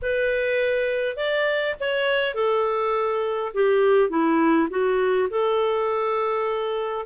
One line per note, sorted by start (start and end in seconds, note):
0.02 1.16 B4
1.16 1.75 D5
1.80 2.34 C#5
2.34 3.52 A4
3.53 4.09 G4
4.09 4.68 E4
4.70 5.29 F#4
5.30 7.05 A4